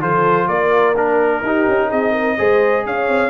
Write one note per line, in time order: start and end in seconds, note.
0.00 0.47 F3
0.00 0.94 F4
0.00 0.47 A4
0.00 0.48 C5
0.47 1.42 A#3
0.47 1.41 A#4
0.47 0.95 D5
0.96 1.44 D4
0.96 1.91 A#4
1.42 1.66 D#4
1.42 2.38 D#4
1.42 1.89 G4
1.68 1.91 C#4
1.89 2.39 C4
1.89 2.12 G#4
1.89 2.86 D#5
2.12 2.35 A#4
2.38 2.85 G#3
2.38 3.29 G#4
2.38 2.85 C5
2.85 3.08 C#4
2.85 3.29 C#5
2.85 3.29 F5
3.08 3.29 C4